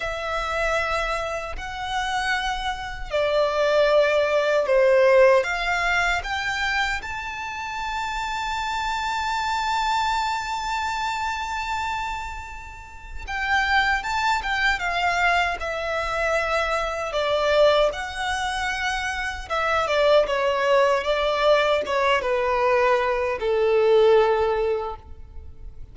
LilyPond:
\new Staff \with { instrumentName = "violin" } { \time 4/4 \tempo 4 = 77 e''2 fis''2 | d''2 c''4 f''4 | g''4 a''2.~ | a''1~ |
a''4 g''4 a''8 g''8 f''4 | e''2 d''4 fis''4~ | fis''4 e''8 d''8 cis''4 d''4 | cis''8 b'4. a'2 | }